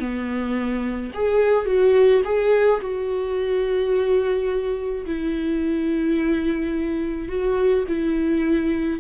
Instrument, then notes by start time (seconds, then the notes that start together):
viola
0.00 B3
1.14 G#4
1.66 F#4
2.25 G#4
2.81 F#4
5.06 E4
7.29 F#4
7.88 E4